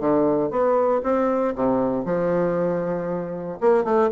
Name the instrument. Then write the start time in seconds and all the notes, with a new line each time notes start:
bassoon
0.00 D3
0.51 B3
1.03 C4
1.55 C3
2.05 F3
3.61 A#3
3.84 A3